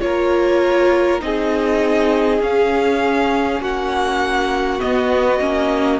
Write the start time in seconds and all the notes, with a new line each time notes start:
0.00 A#3 F4 A#4 C#5
1.20 C4 D#4 G#4 D#5
2.41 C#4 F5
3.59 A#3 F#4 F#5
4.79 B3 D#5
5.40 A#3 C#4